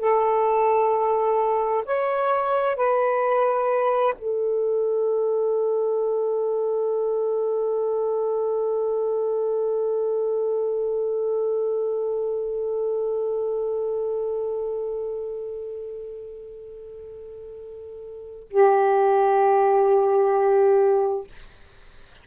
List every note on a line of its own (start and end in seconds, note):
0.00 1.85 A4
1.86 2.77 C#5
2.77 4.15 B4
4.18 18.49 A4
18.51 21.28 G4